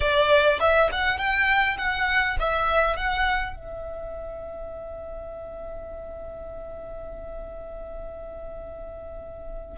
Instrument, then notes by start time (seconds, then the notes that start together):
violin
0.00 D5
0.60 E5
0.92 F#5
1.17 G5
1.77 F#5
2.39 E5
2.96 F#5
3.55 E5